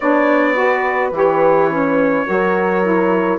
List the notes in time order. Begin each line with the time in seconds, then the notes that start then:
0.00 B3 D4 C#5 D5
0.54 F#4 B4
1.11 E3 G4
1.17 C#5
1.70 C#4
2.26 F#3 F#4 A#4
2.83 E4